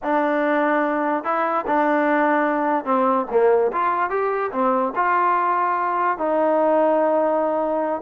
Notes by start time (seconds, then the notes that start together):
0.03 D4
1.23 E4
1.66 D4
2.84 C4
3.30 A#3
3.72 F4
4.10 G4
4.52 C4
4.95 F4
6.18 D#4